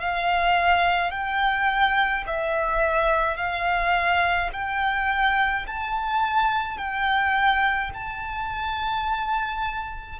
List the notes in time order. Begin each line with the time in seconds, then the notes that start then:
0.00 F5
1.11 G5
2.27 E5
3.37 F5
4.53 G5
5.67 A5
6.77 G5
7.94 A5